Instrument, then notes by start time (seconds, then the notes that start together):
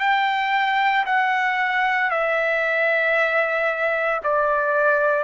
trumpet
0.00 G5
1.06 F#5
2.11 E5
4.23 D5